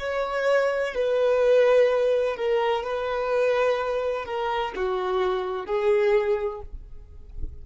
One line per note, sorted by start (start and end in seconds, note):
0.00 0.95 C#5
0.95 2.37 B4
2.37 2.84 A#4
2.84 4.26 B4
4.26 4.73 A#4
4.76 5.66 F#4
5.66 6.61 G#4